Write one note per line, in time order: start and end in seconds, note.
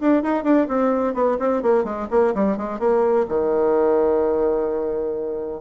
0.00 0.22 D4
0.22 0.43 D#4
0.43 0.67 D4
0.68 1.14 C4
1.14 1.37 B3
1.39 1.62 C4
1.62 1.84 A#3
1.84 2.07 G#3
2.10 2.33 A#3
2.34 2.57 G3
2.57 2.79 G#3
2.79 3.26 A#3
3.28 5.61 D#3